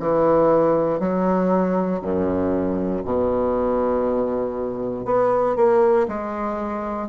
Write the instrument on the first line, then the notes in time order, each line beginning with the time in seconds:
bassoon
0.00 E3
1.00 F#3
2.02 F#2
3.05 B2
5.06 B3
5.57 A#3
6.08 G#3